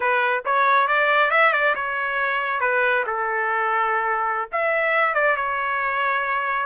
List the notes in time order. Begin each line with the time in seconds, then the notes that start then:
0.00 B4
0.45 C#5
0.87 D5
1.31 E5
1.52 D5
1.75 C#5
2.60 B4
3.06 A4
4.51 E5
5.14 D5
5.36 C#5